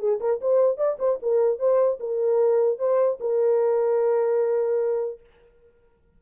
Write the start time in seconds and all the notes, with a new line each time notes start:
0.00 G#4
0.21 A#4
0.41 C5
0.78 D5
1.00 C5
1.23 A#4
1.59 C5
2.00 A#4
2.79 C5
3.21 A#4